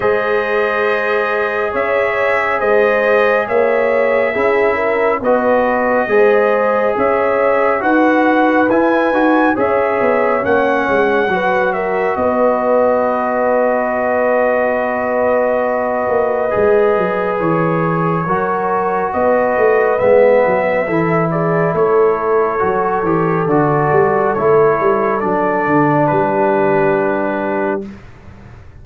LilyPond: <<
  \new Staff \with { instrumentName = "trumpet" } { \time 4/4 \tempo 4 = 69 dis''2 e''4 dis''4 | e''2 dis''2 | e''4 fis''4 gis''4 e''4 | fis''4. e''8 dis''2~ |
dis''1 | cis''2 dis''4 e''4~ | e''8 d''8 cis''2 d''4 | cis''4 d''4 b'2 | }
  \new Staff \with { instrumentName = "horn" } { \time 4/4 c''2 cis''4 c''4 | cis''4 gis'8 ais'8 b'4 c''4 | cis''4 b'2 cis''4~ | cis''4 b'8 ais'8 b'2~ |
b'1~ | b'4 ais'4 b'2 | a'8 gis'8 a'2.~ | a'2 g'2 | }
  \new Staff \with { instrumentName = "trombone" } { \time 4/4 gis'1~ | gis'4 e'4 fis'4 gis'4~ | gis'4 fis'4 e'8 fis'8 gis'4 | cis'4 fis'2.~ |
fis'2. gis'4~ | gis'4 fis'2 b4 | e'2 fis'8 g'8 fis'4 | e'4 d'2. | }
  \new Staff \with { instrumentName = "tuba" } { \time 4/4 gis2 cis'4 gis4 | ais4 cis'4 b4 gis4 | cis'4 dis'4 e'8 dis'8 cis'8 b8 | ais8 gis8 fis4 b2~ |
b2~ b8 ais8 gis8 fis8 | e4 fis4 b8 a8 gis8 fis8 | e4 a4 fis8 e8 d8 g8 | a8 g8 fis8 d8 g2 | }
>>